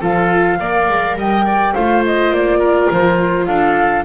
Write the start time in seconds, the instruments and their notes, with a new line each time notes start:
0.00 double bass F3, viola F4, oboe A4, flute F5
0.59 double bass A#3, viola A#4, oboe D5
0.88 double bass G#3
1.16 double bass G3, oboe D#5, flute G5
1.44 oboe D5
1.74 double bass A3, viola F4, oboe C5, flute F5
2.05 flute D#5
2.30 double bass A#3, flute D5
2.58 oboe A#4
2.90 double bass F3, flute C5
3.46 double bass D4, oboe A4, flute F5